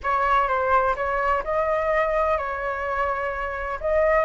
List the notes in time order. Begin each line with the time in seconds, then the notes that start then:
0.03 C#5
0.47 C5
0.96 C#5
1.43 D#5
2.37 C#5
3.80 D#5